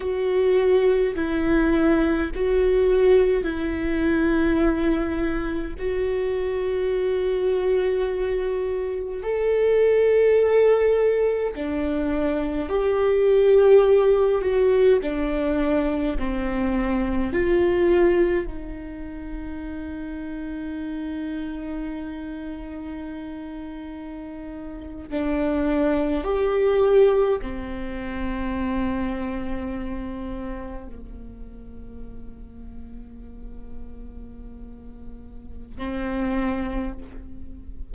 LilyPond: \new Staff \with { instrumentName = "viola" } { \time 4/4 \tempo 4 = 52 fis'4 e'4 fis'4 e'4~ | e'4 fis'2. | a'2 d'4 g'4~ | g'8 fis'8 d'4 c'4 f'4 |
dis'1~ | dis'4.~ dis'16 d'4 g'4 c'16~ | c'2~ c'8. ais4~ ais16~ | ais2. c'4 | }